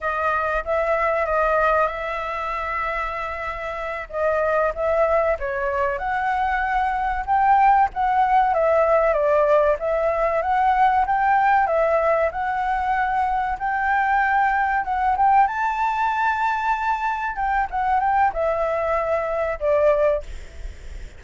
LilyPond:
\new Staff \with { instrumentName = "flute" } { \time 4/4 \tempo 4 = 95 dis''4 e''4 dis''4 e''4~ | e''2~ e''8 dis''4 e''8~ | e''8 cis''4 fis''2 g''8~ | g''8 fis''4 e''4 d''4 e''8~ |
e''8 fis''4 g''4 e''4 fis''8~ | fis''4. g''2 fis''8 | g''8 a''2. g''8 | fis''8 g''8 e''2 d''4 | }